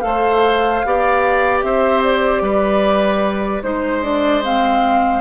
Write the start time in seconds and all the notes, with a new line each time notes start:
0.00 A3 A4 C5 F5
0.85 B3 G4 D5
1.62 C4 C5 E5
2.03 D5
2.41 G3 B4
3.63 G#3 D#4 C5
4.03 D4 D5
4.43 C4 F5